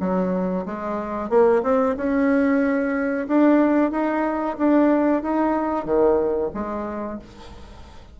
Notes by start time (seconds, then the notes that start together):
0.00 F#3
0.66 G#3
1.30 A#3
1.63 C4
1.97 C#4
3.28 D4
3.91 D#4
4.58 D4
5.22 D#4
5.85 D#3
6.54 G#3